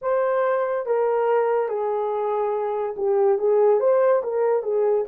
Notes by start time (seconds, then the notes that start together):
0.01 C5
0.86 A#4
1.68 G#4
2.96 G4
3.38 G#4
3.80 C5
4.23 A#4
4.62 G#4